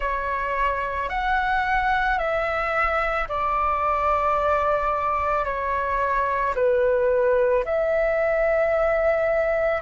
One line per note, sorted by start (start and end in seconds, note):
0.00 1.09 C#5
1.09 2.18 F#5
2.18 3.27 E5
3.28 5.44 D5
5.44 6.54 C#5
6.55 7.64 B4
7.65 9.81 E5